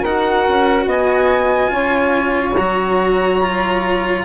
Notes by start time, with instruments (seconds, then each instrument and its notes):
0.00 bassoon D#4, cello F#4, saxophone A#4, violin F#5
0.48 bassoon C#4
0.86 bassoon B3, saxophone D#5, violin G#5
1.68 bassoon C#4, cello F4, saxophone C#5
2.56 bassoon F#3, cello F#4, violin A#5
3.42 cello F4